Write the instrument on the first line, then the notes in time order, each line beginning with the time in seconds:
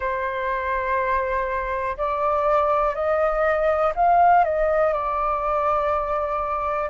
flute
0.00 C5
1.97 D5
2.94 D#5
3.95 F5
4.44 D#5
4.93 D5